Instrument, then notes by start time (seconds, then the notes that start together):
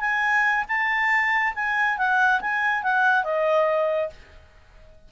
clarinet
0.00 G#5
0.68 A5
1.55 G#5
1.98 F#5
2.41 G#5
2.83 F#5
3.24 D#5